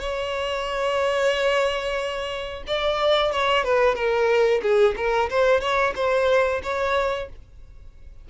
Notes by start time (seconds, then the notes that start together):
0.00 C#5
2.67 D5
3.32 C#5
3.64 B4
3.95 A#4
4.62 G#4
4.97 A#4
5.30 C5
5.61 C#5
5.96 C5
6.63 C#5